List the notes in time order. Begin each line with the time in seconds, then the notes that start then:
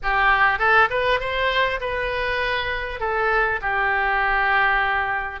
0.02 G4
0.58 A4
0.90 B4
1.20 C5
1.80 B4
3.00 A4
3.61 G4